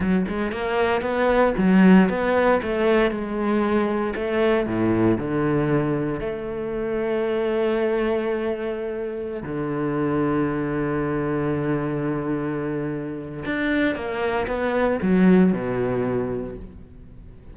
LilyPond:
\new Staff \with { instrumentName = "cello" } { \time 4/4 \tempo 4 = 116 fis8 gis8 ais4 b4 fis4 | b4 a4 gis2 | a4 a,4 d2 | a1~ |
a2~ a16 d4.~ d16~ | d1~ | d2 d'4 ais4 | b4 fis4 b,2 | }